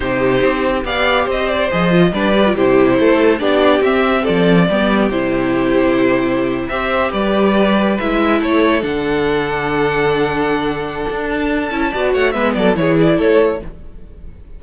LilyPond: <<
  \new Staff \with { instrumentName = "violin" } { \time 4/4 \tempo 4 = 141 c''2 f''4 dis''8 d''8 | dis''4 d''4 c''2 | d''4 e''4 d''2 | c''2.~ c''8. e''16~ |
e''8. d''2 e''4 cis''16~ | cis''8. fis''2.~ fis''16~ | fis''2~ fis''8 a''4.~ | a''8 fis''8 e''8 d''8 cis''8 d''8 cis''4 | }
  \new Staff \with { instrumentName = "violin" } { \time 4/4 g'2 d''4 c''4~ | c''4 b'4 g'4 a'4 | g'2 a'4 g'4~ | g'2.~ g'8. c''16~ |
c''8. b'2. a'16~ | a'1~ | a'1 | d''8 cis''8 b'8 a'8 gis'4 a'4 | }
  \new Staff \with { instrumentName = "viola" } { \time 4/4 dis'2 g'2 | gis'8 f'8 d'8 g'16 f'16 e'2 | d'4 c'2 b4 | e'2.~ e'8. g'16~ |
g'2~ g'8. e'4~ e'16~ | e'8. d'2.~ d'16~ | d'2.~ d'8 e'8 | fis'4 b4 e'2 | }
  \new Staff \with { instrumentName = "cello" } { \time 4/4 c4 c'4 b4 c'4 | f4 g4 c4 a4 | b4 c'4 f4 g4 | c2.~ c8. c'16~ |
c'8. g2 gis4 a16~ | a8. d2.~ d16~ | d2 d'4. cis'8 | b8 a8 gis8 fis8 e4 a4 | }
>>